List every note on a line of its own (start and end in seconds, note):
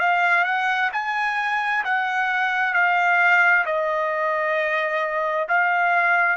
0.00 0.45 F5
0.45 0.90 F#5
0.93 1.84 G#5
1.85 2.74 F#5
2.74 3.65 F5
3.66 5.48 D#5
5.49 6.37 F5